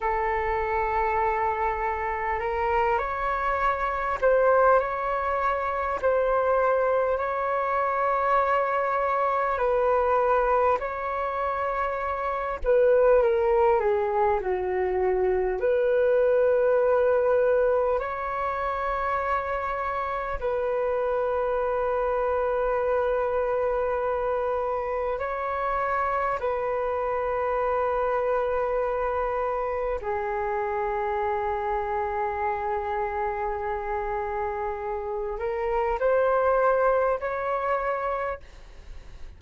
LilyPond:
\new Staff \with { instrumentName = "flute" } { \time 4/4 \tempo 4 = 50 a'2 ais'8 cis''4 c''8 | cis''4 c''4 cis''2 | b'4 cis''4. b'8 ais'8 gis'8 | fis'4 b'2 cis''4~ |
cis''4 b'2.~ | b'4 cis''4 b'2~ | b'4 gis'2.~ | gis'4. ais'8 c''4 cis''4 | }